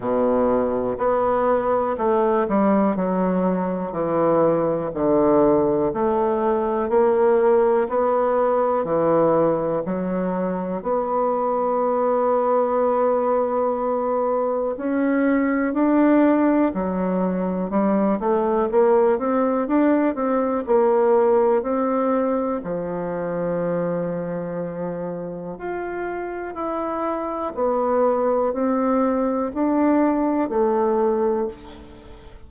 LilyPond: \new Staff \with { instrumentName = "bassoon" } { \time 4/4 \tempo 4 = 61 b,4 b4 a8 g8 fis4 | e4 d4 a4 ais4 | b4 e4 fis4 b4~ | b2. cis'4 |
d'4 fis4 g8 a8 ais8 c'8 | d'8 c'8 ais4 c'4 f4~ | f2 f'4 e'4 | b4 c'4 d'4 a4 | }